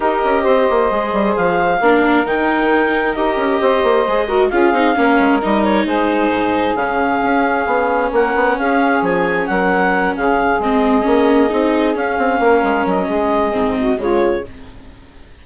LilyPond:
<<
  \new Staff \with { instrumentName = "clarinet" } { \time 4/4 \tempo 4 = 133 dis''2. f''4~ | f''4 g''2 dis''4~ | dis''2 f''2 | dis''8 cis''8 c''2 f''4~ |
f''2 fis''4 f''4 | gis''4 fis''4. f''4 dis''8~ | dis''2~ dis''8 f''4.~ | f''8 dis''2~ dis''8 cis''4 | }
  \new Staff \with { instrumentName = "saxophone" } { \time 4/4 ais'4 c''2. | ais'1 | c''4. ais'8 gis'4 ais'4~ | ais'4 gis'2.~ |
gis'2 ais'4 gis'4~ | gis'4 ais'4. gis'4.~ | gis'2.~ gis'8 ais'8~ | ais'4 gis'4. fis'8 f'4 | }
  \new Staff \with { instrumentName = "viola" } { \time 4/4 g'2 gis'2 | d'4 dis'2 g'4~ | g'4 gis'8 fis'8 f'8 dis'8 cis'4 | dis'2. cis'4~ |
cis'1~ | cis'2.~ cis'8 c'8~ | c'8 cis'4 dis'4 cis'4.~ | cis'2 c'4 gis4 | }
  \new Staff \with { instrumentName = "bassoon" } { \time 4/4 dis'8 cis'8 c'8 ais8 gis8 g8 f4 | ais4 dis2 dis'8 cis'8 | c'8 ais8 gis4 cis'8 c'8 ais8 gis8 | g4 gis4 gis,4 cis4 |
cis'4 b4 ais8 b8 cis'4 | f4 fis4. cis4 gis8~ | gis8 ais4 c'4 cis'8 c'8 ais8 | gis8 fis8 gis4 gis,4 cis4 | }
>>